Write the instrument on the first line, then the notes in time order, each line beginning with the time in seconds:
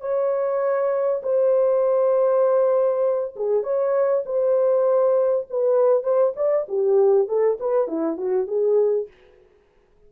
horn
0.00 C#5
1.22 C5
3.36 G#4
3.63 C#5
4.25 C5
5.50 B4
6.03 C5
6.36 D5
6.68 G4
7.28 A4
7.60 B4
7.87 E4
8.17 F#4
8.47 G#4